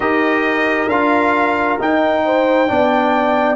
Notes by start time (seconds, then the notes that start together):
0.00 D#4 G4 A#4 D#5
0.87 D4 F4 F5
1.79 D#4 G5
2.25 C5
2.67 B3 D4 D5